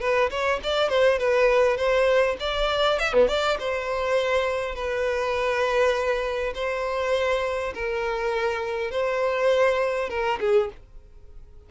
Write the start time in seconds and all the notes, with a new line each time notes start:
0.00 B4
0.30 C#5
0.63 D5
0.89 C5
1.19 B4
1.77 C5
2.40 D5
2.99 E5
3.13 B3
3.28 D5
3.59 C5
4.75 B4
6.55 C5
7.74 A#4
8.91 C5
10.09 A#4
10.40 G#4